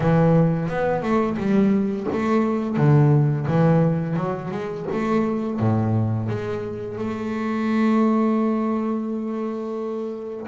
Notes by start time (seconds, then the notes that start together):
0.00 E3
0.68 B3
1.02 A3
1.37 G3
2.12 A3
2.77 D3
3.47 E3
4.16 F#3
4.51 G#3
4.92 A3
5.59 A2
6.29 G#3
6.98 A3